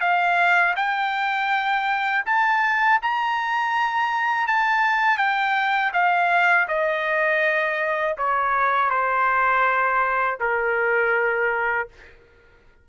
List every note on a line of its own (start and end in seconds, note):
0.00 0.74 F5
0.76 2.24 G5
2.26 3.00 A5
3.02 4.47 A#5
4.47 5.17 A5
5.17 5.91 G5
5.93 6.67 F5
6.68 8.16 D#5
8.17 8.90 C#5
8.90 10.38 C5
10.40 11.88 A#4